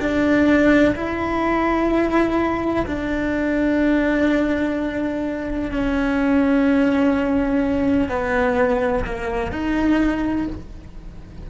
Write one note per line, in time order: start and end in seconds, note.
0.00 0.95 D4
0.95 2.86 E4
2.86 5.71 D4
5.71 8.09 C#4
8.09 9.04 B3
9.05 9.52 A#3
9.52 10.47 D#4